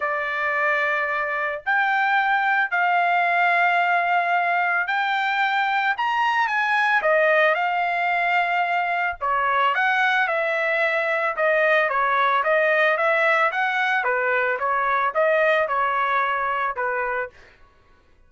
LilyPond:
\new Staff \with { instrumentName = "trumpet" } { \time 4/4 \tempo 4 = 111 d''2. g''4~ | g''4 f''2.~ | f''4 g''2 ais''4 | gis''4 dis''4 f''2~ |
f''4 cis''4 fis''4 e''4~ | e''4 dis''4 cis''4 dis''4 | e''4 fis''4 b'4 cis''4 | dis''4 cis''2 b'4 | }